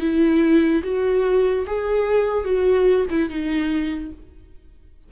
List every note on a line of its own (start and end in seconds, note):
0.00 0.82 E4
0.83 1.66 F#4
1.66 2.44 G#4
2.44 3.06 F#4
3.10 3.29 E4
3.29 4.11 D#4